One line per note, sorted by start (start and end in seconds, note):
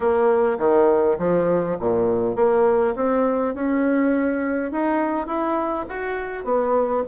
0.00 0.58 A#3
0.58 1.17 D#3
1.18 1.77 F3
1.79 2.35 A#2
2.35 2.94 A#3
2.95 3.54 C4
3.54 4.71 C#4
4.71 5.26 D#4
5.26 5.85 E4
5.88 6.44 F#4
6.44 7.03 B3